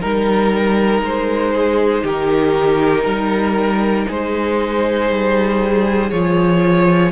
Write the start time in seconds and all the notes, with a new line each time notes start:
0.00 G3 D#4 A#4
1.01 G#3 C5
1.54 G#4
2.03 D#3 G4 A#4
3.03 G3 A#4
4.07 G#3 G#4 C5
5.09 G3
6.10 F3 F4 C#5